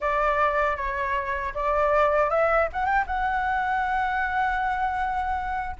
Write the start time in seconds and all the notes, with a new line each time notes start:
0.00 D5
0.76 C#5
1.54 D5
2.29 E5
2.72 F#5
2.85 G5
3.06 F#5